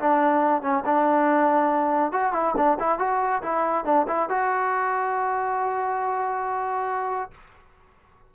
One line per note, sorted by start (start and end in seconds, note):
0.00 0.63 D4
0.63 0.84 C#4
0.86 2.12 D4
2.12 2.33 F#4
2.33 2.55 E4
2.57 2.79 D4
2.80 2.99 E4
2.99 3.42 F#4
3.43 3.85 E4
3.85 4.07 D4
4.08 4.29 E4
4.29 7.32 F#4